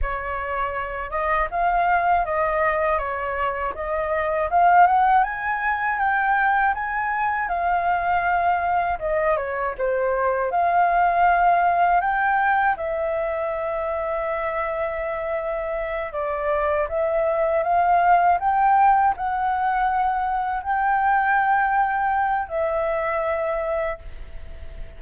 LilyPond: \new Staff \with { instrumentName = "flute" } { \time 4/4 \tempo 4 = 80 cis''4. dis''8 f''4 dis''4 | cis''4 dis''4 f''8 fis''8 gis''4 | g''4 gis''4 f''2 | dis''8 cis''8 c''4 f''2 |
g''4 e''2.~ | e''4. d''4 e''4 f''8~ | f''8 g''4 fis''2 g''8~ | g''2 e''2 | }